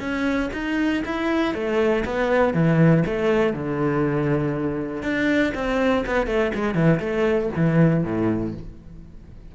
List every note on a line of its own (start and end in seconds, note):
0.00 0.50 C#4
0.53 1.03 D#4
1.06 1.54 E4
1.54 2.04 A3
2.05 2.54 B3
2.54 3.04 E3
3.06 3.53 A3
3.53 5.03 D3
5.03 5.53 D4
5.55 6.05 C4
6.07 6.27 B3
6.27 6.52 A3
6.55 6.75 G#3
6.75 7.00 E3
7.00 7.50 A3
7.57 8.04 E3
8.04 8.54 A2